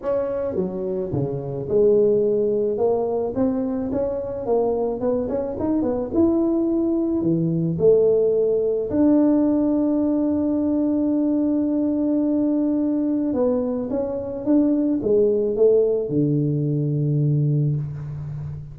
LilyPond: \new Staff \with { instrumentName = "tuba" } { \time 4/4 \tempo 4 = 108 cis'4 fis4 cis4 gis4~ | gis4 ais4 c'4 cis'4 | ais4 b8 cis'8 dis'8 b8 e'4~ | e'4 e4 a2 |
d'1~ | d'1 | b4 cis'4 d'4 gis4 | a4 d2. | }